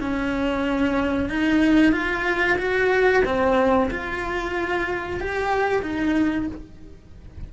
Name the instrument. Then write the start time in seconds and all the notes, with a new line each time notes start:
cello
0.00 C#4
1.29 D#4
1.92 F4
2.58 F#4
3.24 C4
3.90 F4
5.20 G4
5.82 D#4